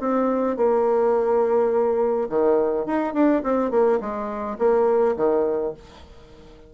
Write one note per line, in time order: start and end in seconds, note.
0.00 0.57 C4
0.57 2.28 A#3
2.29 2.86 D#3
2.86 3.14 D#4
3.14 3.42 D4
3.43 3.71 C4
3.71 3.99 A#3
4.00 4.57 G#3
4.58 5.16 A#3
5.16 5.74 D#3